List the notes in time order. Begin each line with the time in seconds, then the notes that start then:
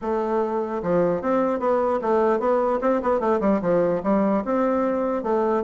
0.01 A3
0.83 F3
1.21 C4
1.59 B3
2.01 A3
2.39 B3
2.81 C4
3.02 B3
3.20 A3
3.40 G3
3.61 F3
4.03 G3
4.44 C4
5.23 A3